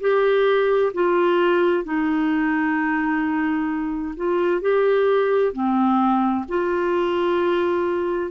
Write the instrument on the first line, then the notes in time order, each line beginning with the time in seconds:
clarinet
0.00 G4
0.93 F4
1.84 D#4
4.16 F4
4.61 G4
5.53 C4
6.48 F4